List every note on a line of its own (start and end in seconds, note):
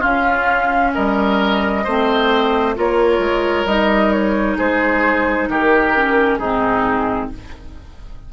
0.00 1.84 C#4
0.00 0.95 C#4
0.00 0.91 F4
0.00 0.92 F5
0.93 1.86 G3
0.93 1.84 A#4
0.93 2.75 D#5
1.84 2.77 A3
1.84 2.75 C4
1.84 2.74 C5
2.75 3.18 A#3
2.75 3.66 F4
2.75 4.57 A#4
2.75 3.66 C#5
3.18 3.64 G#3
3.65 4.56 G3
3.65 5.95 D#4
3.65 4.12 D#5
4.12 4.57 C#5
4.57 5.48 G#3
4.57 5.48 G#4
4.57 5.49 C5
5.48 6.38 D#3
5.48 6.38 G4
5.48 6.37 A#4
5.95 6.41 C#4
6.37 7.29 G#2
6.37 7.32 C4
6.37 7.29 D#4
6.37 7.28 G#4